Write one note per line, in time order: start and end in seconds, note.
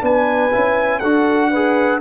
0.00 0.52 B3
0.00 0.50 D4
0.00 0.99 B4
0.00 0.99 G#5
0.51 1.02 C#4
0.51 1.01 E4
0.99 2.01 D4
0.99 1.53 F#4
0.99 1.49 A4
0.99 1.99 F#5
1.50 2.01 G#4
1.50 2.00 B4